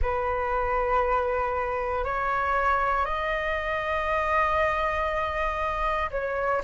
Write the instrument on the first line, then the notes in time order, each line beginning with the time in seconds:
flute
0.01 B4
2.04 C#5
3.05 D#5
6.11 C#5